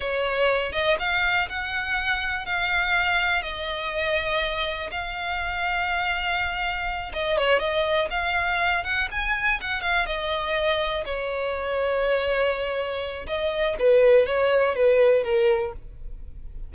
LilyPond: \new Staff \with { instrumentName = "violin" } { \time 4/4 \tempo 4 = 122 cis''4. dis''8 f''4 fis''4~ | fis''4 f''2 dis''4~ | dis''2 f''2~ | f''2~ f''8 dis''8 cis''8 dis''8~ |
dis''8 f''4. fis''8 gis''4 fis''8 | f''8 dis''2 cis''4.~ | cis''2. dis''4 | b'4 cis''4 b'4 ais'4 | }